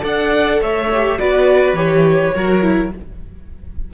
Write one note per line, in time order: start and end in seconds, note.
0.00 0.61 D4
0.00 0.87 A4
0.00 0.61 D5
0.00 0.62 F#5
0.61 1.19 A3
0.61 1.19 C#5
0.61 1.19 E5
0.92 1.19 G4
1.19 1.73 B3
1.19 1.76 F#4
1.19 2.35 B4
1.19 1.76 D5
1.73 2.31 E3
1.73 2.34 G4
1.73 2.91 C#5
2.35 2.94 F#3
2.35 2.62 F#4
2.35 2.93 A#4
2.62 2.91 E4